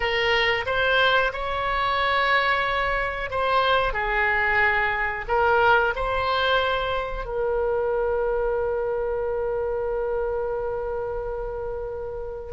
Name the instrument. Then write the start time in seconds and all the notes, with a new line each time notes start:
oboe
0.00 A#4
0.66 C5
1.32 C#5
3.30 C5
3.93 G#4
5.28 A#4
5.95 C5
7.25 A#4